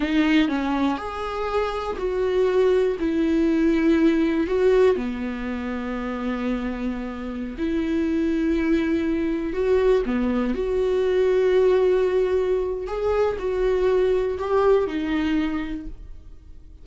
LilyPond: \new Staff \with { instrumentName = "viola" } { \time 4/4 \tempo 4 = 121 dis'4 cis'4 gis'2 | fis'2 e'2~ | e'4 fis'4 b2~ | b2.~ b16 e'8.~ |
e'2.~ e'16 fis'8.~ | fis'16 b4 fis'2~ fis'8.~ | fis'2 gis'4 fis'4~ | fis'4 g'4 dis'2 | }